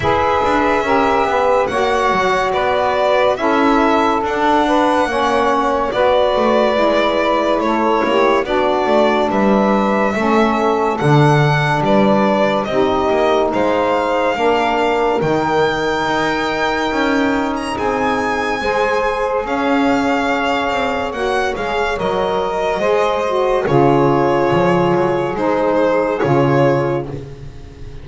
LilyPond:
<<
  \new Staff \with { instrumentName = "violin" } { \time 4/4 \tempo 4 = 71 e''2 fis''4 d''4 | e''4 fis''2 d''4~ | d''4 cis''4 d''4 e''4~ | e''4 fis''4 d''4 dis''4 |
f''2 g''2~ | g''8. ais''16 gis''2 f''4~ | f''4 fis''8 f''8 dis''2 | cis''2 c''4 cis''4 | }
  \new Staff \with { instrumentName = "saxophone" } { \time 4/4 b'4 ais'8 b'8 cis''4 b'4 | a'4. b'8 cis''4 b'4~ | b'4 a'8 g'8 fis'4 b'4 | a'2 b'4 g'4 |
c''4 ais'2.~ | ais'4 gis'4 c''4 cis''4~ | cis''2. c''4 | gis'1 | }
  \new Staff \with { instrumentName = "saxophone" } { \time 4/4 gis'4 g'4 fis'2 | e'4 d'4 cis'4 fis'4 | e'2 d'2 | cis'4 d'2 dis'4~ |
dis'4 d'4 dis'2~ | dis'2 gis'2~ | gis'4 fis'8 gis'8 ais'4 gis'8 fis'8 | f'2 dis'4 f'4 | }
  \new Staff \with { instrumentName = "double bass" } { \time 4/4 e'8 d'8 cis'8 b8 ais8 fis8 b4 | cis'4 d'4 ais4 b8 a8 | gis4 a8 ais8 b8 a8 g4 | a4 d4 g4 c'8 ais8 |
gis4 ais4 dis4 dis'4 | cis'4 c'4 gis4 cis'4~ | cis'8 c'8 ais8 gis8 fis4 gis4 | cis4 f8 fis8 gis4 cis4 | }
>>